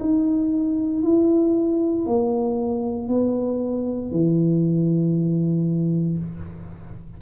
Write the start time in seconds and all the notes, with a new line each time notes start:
0.00 D#4
1.03 E4
2.06 A#3
3.09 B3
4.12 E3